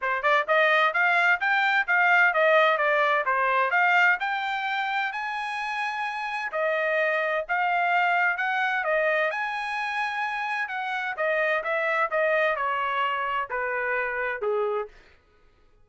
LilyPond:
\new Staff \with { instrumentName = "trumpet" } { \time 4/4 \tempo 4 = 129 c''8 d''8 dis''4 f''4 g''4 | f''4 dis''4 d''4 c''4 | f''4 g''2 gis''4~ | gis''2 dis''2 |
f''2 fis''4 dis''4 | gis''2. fis''4 | dis''4 e''4 dis''4 cis''4~ | cis''4 b'2 gis'4 | }